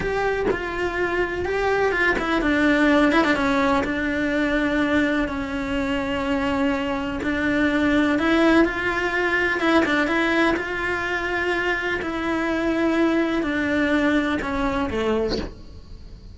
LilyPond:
\new Staff \with { instrumentName = "cello" } { \time 4/4 \tempo 4 = 125 g'4 f'2 g'4 | f'8 e'8 d'4. e'16 d'16 cis'4 | d'2. cis'4~ | cis'2. d'4~ |
d'4 e'4 f'2 | e'8 d'8 e'4 f'2~ | f'4 e'2. | d'2 cis'4 a4 | }